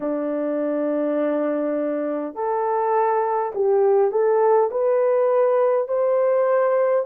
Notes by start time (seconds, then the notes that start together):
0.00 D4
2.34 A4
3.55 G4
4.11 A4
4.71 B4
5.88 C5